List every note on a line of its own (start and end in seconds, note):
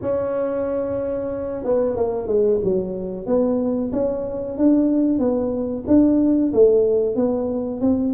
0.01 1.64 C#4
1.64 1.96 B3
1.96 2.27 A#3
2.27 2.59 G#3
2.63 3.26 F#3
3.26 3.91 B3
3.92 4.57 C#4
4.57 5.18 D4
5.18 5.84 B3
5.87 6.52 D4
6.53 7.15 A3
7.15 7.81 B3
7.81 8.13 C4